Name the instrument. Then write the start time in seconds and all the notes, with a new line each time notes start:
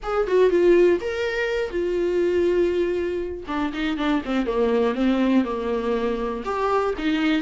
viola
0.02 G#4
0.27 F#4
0.50 F4
1.01 A#4
1.70 F4
3.47 D4
3.73 D#4
3.97 D4
4.25 C4
4.46 A#3
4.95 C4
5.44 A#3
6.44 G4
6.97 D#4